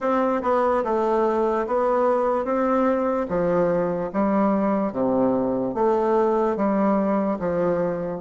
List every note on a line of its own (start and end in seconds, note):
0.00 0.41 C4
0.42 0.83 B3
0.84 1.66 A3
1.66 2.44 B3
2.44 3.27 C4
3.28 4.10 F3
4.13 4.92 G3
4.92 5.74 C3
5.74 6.56 A3
6.56 7.38 G3
7.39 8.20 F3